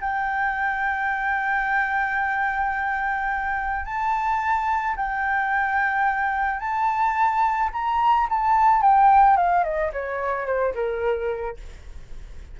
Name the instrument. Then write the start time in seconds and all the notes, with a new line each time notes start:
flute
0.00 G5
3.85 A5
4.96 G5
6.59 A5
7.72 A#5
8.29 A5
8.81 G5
9.36 F5
9.64 D#5
9.92 C#5
10.46 C5
10.74 A#4